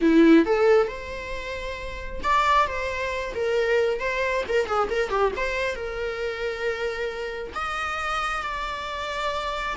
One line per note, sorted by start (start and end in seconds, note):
0.01 0.45 E4
0.45 0.87 A4
0.87 2.20 C5
2.23 2.67 D5
2.67 3.33 C5
3.35 3.99 A#4
3.99 4.43 C5
4.48 4.66 A#4
4.66 4.88 G#4
4.90 5.09 A#4
5.09 5.31 G4
5.36 5.75 C5
5.75 7.53 A#4
7.55 8.42 D#5
8.42 9.75 D5